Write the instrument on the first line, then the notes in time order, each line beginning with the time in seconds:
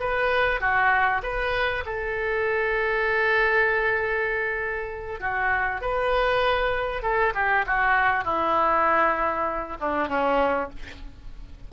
oboe
0.00 B4
0.60 F#4
1.23 B4
1.85 A4
5.20 F#4
5.81 B4
7.02 A4
7.34 G4
7.66 F#4
8.24 E4
9.80 D4
10.08 C#4